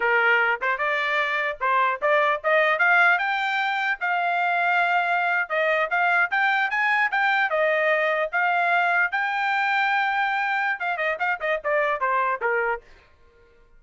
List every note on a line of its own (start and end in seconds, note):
0.00 0.60 A#4
0.61 0.78 C5
0.78 1.58 D5
1.60 2.00 C5
2.01 2.41 D5
2.43 2.78 D#5
2.78 3.18 F5
3.18 3.98 G5
4.00 5.49 F5
5.49 5.89 D#5
5.90 6.30 F5
6.30 6.70 G5
6.70 7.10 G#5
7.11 7.50 G5
7.50 8.30 D#5
8.32 9.11 F5
9.11 10.79 G5
10.79 10.97 F5
10.97 11.17 D#5
11.19 11.39 F5
11.40 11.60 D#5
11.64 12.00 D5
12.00 12.40 C5
12.41 12.81 A#4